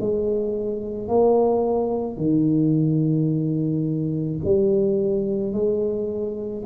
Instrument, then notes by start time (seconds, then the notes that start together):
tuba
0.00 G#3
1.08 A#3
2.17 D#3
4.44 G3
5.53 G#3